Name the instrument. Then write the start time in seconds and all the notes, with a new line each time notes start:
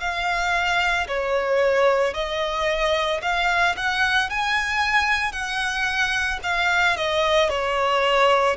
violin
0.00 F5
1.08 C#5
2.14 D#5
3.21 F5
3.76 F#5
4.30 G#5
5.32 F#5
6.43 F5
6.96 D#5
7.50 C#5